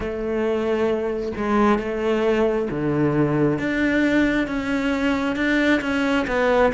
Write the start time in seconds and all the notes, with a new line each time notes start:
0.00 A3
1.36 G#3
1.79 A3
2.70 D3
3.58 D4
4.47 C#4
5.35 D4
5.81 C#4
6.27 B3